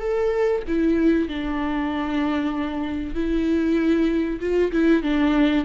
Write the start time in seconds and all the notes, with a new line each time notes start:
0.00 A4
0.68 E4
1.28 D4
3.15 E4
4.40 F4
4.72 E4
5.03 D4